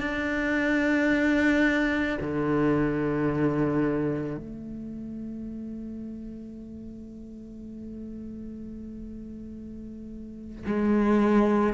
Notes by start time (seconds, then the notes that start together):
0.00 D4
2.21 D3
4.37 A3
10.67 G#3